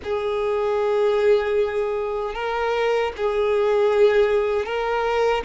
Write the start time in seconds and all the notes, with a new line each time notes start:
0.03 G#4
2.34 A#4
3.17 G#4
4.65 A#4